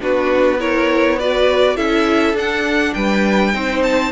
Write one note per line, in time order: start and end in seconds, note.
0.00 1.77 B3
0.00 0.59 D4
0.00 0.59 F#4
0.00 0.60 B4
0.59 1.18 E4
0.59 1.18 A#4
0.59 1.19 C#5
1.19 1.76 F#4
1.19 1.76 B4
1.19 1.76 D5
1.76 2.33 C#4
1.76 2.35 E4
1.76 2.93 A4
1.76 2.35 E5
2.33 2.92 D4
2.33 3.53 D4
2.33 2.94 F#5
2.94 3.54 G3
2.94 3.53 B4
2.94 3.82 G5
3.53 4.12 C4
3.53 4.12 D#4
3.53 4.12 C5
3.83 4.12 A5